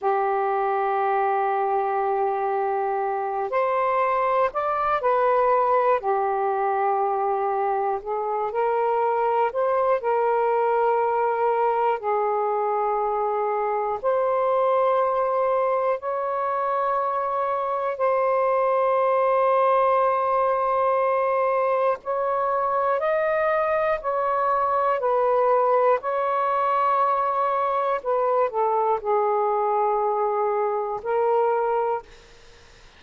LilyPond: \new Staff \with { instrumentName = "saxophone" } { \time 4/4 \tempo 4 = 60 g'2.~ g'8 c''8~ | c''8 d''8 b'4 g'2 | gis'8 ais'4 c''8 ais'2 | gis'2 c''2 |
cis''2 c''2~ | c''2 cis''4 dis''4 | cis''4 b'4 cis''2 | b'8 a'8 gis'2 ais'4 | }